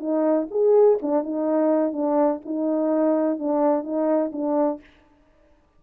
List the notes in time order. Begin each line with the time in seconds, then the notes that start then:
0.00 D#4
0.51 G#4
1.02 D4
1.24 D#4
1.93 D4
2.46 D#4
3.39 D4
3.84 D#4
4.33 D4